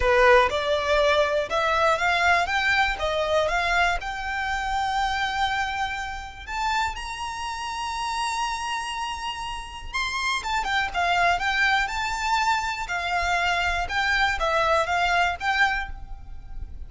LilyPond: \new Staff \with { instrumentName = "violin" } { \time 4/4 \tempo 4 = 121 b'4 d''2 e''4 | f''4 g''4 dis''4 f''4 | g''1~ | g''4 a''4 ais''2~ |
ais''1 | c'''4 a''8 g''8 f''4 g''4 | a''2 f''2 | g''4 e''4 f''4 g''4 | }